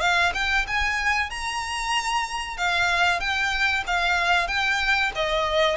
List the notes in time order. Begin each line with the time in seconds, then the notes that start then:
0.00 F5
0.33 G5
0.67 G#5
1.29 A#5
2.57 F5
3.19 G5
3.86 F5
4.47 G5
5.15 D#5